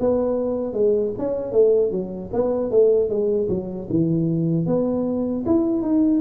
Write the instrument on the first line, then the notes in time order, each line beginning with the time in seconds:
tuba
0.00 B3
0.73 G#3
1.19 C#4
1.52 A3
1.91 F#3
2.33 B3
2.71 A3
3.09 G#3
3.49 F#3
3.90 E3
4.66 B3
5.46 E4
5.82 D#4